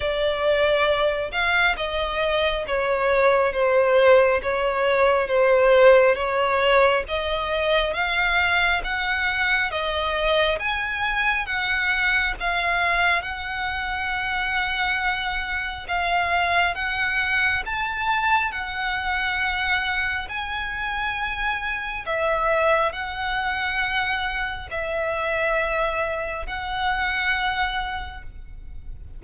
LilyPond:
\new Staff \with { instrumentName = "violin" } { \time 4/4 \tempo 4 = 68 d''4. f''8 dis''4 cis''4 | c''4 cis''4 c''4 cis''4 | dis''4 f''4 fis''4 dis''4 | gis''4 fis''4 f''4 fis''4~ |
fis''2 f''4 fis''4 | a''4 fis''2 gis''4~ | gis''4 e''4 fis''2 | e''2 fis''2 | }